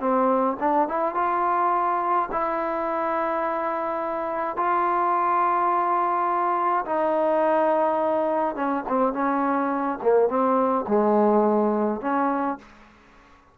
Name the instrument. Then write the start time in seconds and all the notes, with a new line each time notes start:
trombone
0.00 C4
0.60 D4
0.88 E4
1.15 F4
2.32 E4
4.57 F4
6.86 D#4
8.56 C#4
8.88 C4
9.13 C#4
10.02 A#3
10.29 C4
10.88 G#3
12.01 C#4